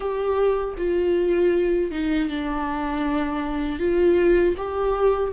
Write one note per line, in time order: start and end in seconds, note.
0.00 0.74 G4
0.77 1.91 F4
1.91 2.29 D#4
2.29 3.79 D4
3.79 4.55 F4
4.57 5.32 G4